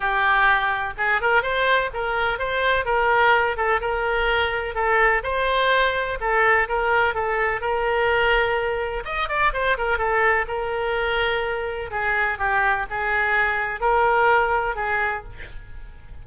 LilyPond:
\new Staff \with { instrumentName = "oboe" } { \time 4/4 \tempo 4 = 126 g'2 gis'8 ais'8 c''4 | ais'4 c''4 ais'4. a'8 | ais'2 a'4 c''4~ | c''4 a'4 ais'4 a'4 |
ais'2. dis''8 d''8 | c''8 ais'8 a'4 ais'2~ | ais'4 gis'4 g'4 gis'4~ | gis'4 ais'2 gis'4 | }